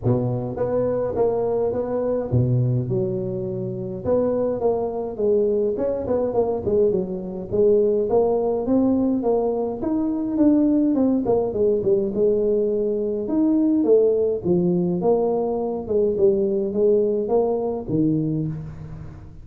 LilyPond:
\new Staff \with { instrumentName = "tuba" } { \time 4/4 \tempo 4 = 104 b,4 b4 ais4 b4 | b,4 fis2 b4 | ais4 gis4 cis'8 b8 ais8 gis8 | fis4 gis4 ais4 c'4 |
ais4 dis'4 d'4 c'8 ais8 | gis8 g8 gis2 dis'4 | a4 f4 ais4. gis8 | g4 gis4 ais4 dis4 | }